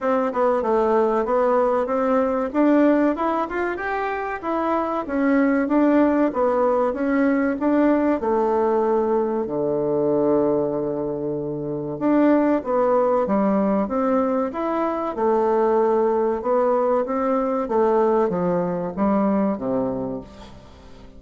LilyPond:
\new Staff \with { instrumentName = "bassoon" } { \time 4/4 \tempo 4 = 95 c'8 b8 a4 b4 c'4 | d'4 e'8 f'8 g'4 e'4 | cis'4 d'4 b4 cis'4 | d'4 a2 d4~ |
d2. d'4 | b4 g4 c'4 e'4 | a2 b4 c'4 | a4 f4 g4 c4 | }